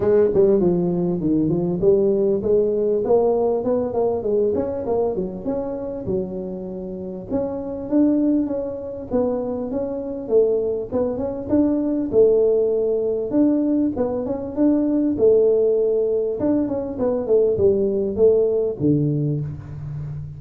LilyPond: \new Staff \with { instrumentName = "tuba" } { \time 4/4 \tempo 4 = 99 gis8 g8 f4 dis8 f8 g4 | gis4 ais4 b8 ais8 gis8 cis'8 | ais8 fis8 cis'4 fis2 | cis'4 d'4 cis'4 b4 |
cis'4 a4 b8 cis'8 d'4 | a2 d'4 b8 cis'8 | d'4 a2 d'8 cis'8 | b8 a8 g4 a4 d4 | }